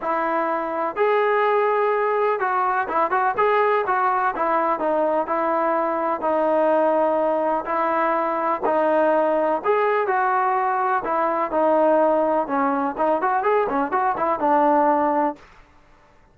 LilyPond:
\new Staff \with { instrumentName = "trombone" } { \time 4/4 \tempo 4 = 125 e'2 gis'2~ | gis'4 fis'4 e'8 fis'8 gis'4 | fis'4 e'4 dis'4 e'4~ | e'4 dis'2. |
e'2 dis'2 | gis'4 fis'2 e'4 | dis'2 cis'4 dis'8 fis'8 | gis'8 cis'8 fis'8 e'8 d'2 | }